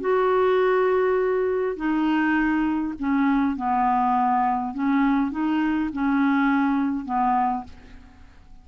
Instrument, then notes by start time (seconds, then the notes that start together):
clarinet
0.00 F#4
1.76 D#4
2.99 C#4
3.56 B3
4.74 C#4
5.31 D#4
5.93 C#4
7.05 B3